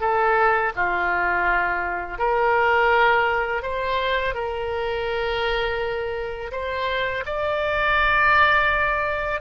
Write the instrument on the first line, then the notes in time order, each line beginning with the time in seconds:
oboe
0.00 A4
0.75 F4
2.18 A#4
3.62 C5
4.34 A#4
6.51 C5
7.25 D5